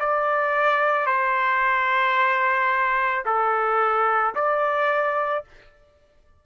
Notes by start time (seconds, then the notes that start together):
0.00 D5
1.07 C5
3.25 A4
4.35 D5